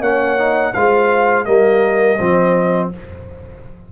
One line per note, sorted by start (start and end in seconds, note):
0.00 0.72 A#3
0.00 0.37 C#4
0.00 0.72 C#5
0.00 0.72 F#5
0.37 0.73 D#4
0.72 1.46 G#3
0.72 1.46 F4
0.72 1.45 C5
0.72 1.45 F5
1.45 2.19 G3
1.45 2.18 A#3
1.45 2.16 A#4
1.45 2.89 D#5
2.16 2.91 F3
2.16 2.92 C4
2.16 2.88 C5